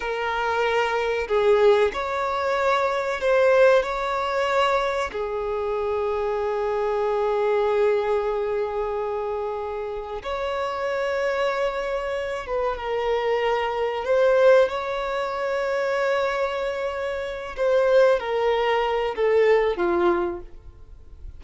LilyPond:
\new Staff \with { instrumentName = "violin" } { \time 4/4 \tempo 4 = 94 ais'2 gis'4 cis''4~ | cis''4 c''4 cis''2 | gis'1~ | gis'1 |
cis''2.~ cis''8 b'8 | ais'2 c''4 cis''4~ | cis''2.~ cis''8 c''8~ | c''8 ais'4. a'4 f'4 | }